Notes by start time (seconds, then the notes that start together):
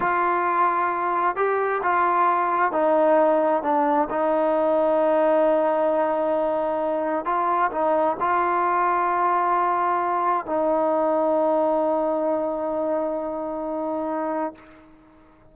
0.00 F4
1.36 G4
1.83 F4
2.72 D#4
3.63 D4
4.10 D#4
7.25 F4
7.71 D#4
8.19 F4
10.45 D#4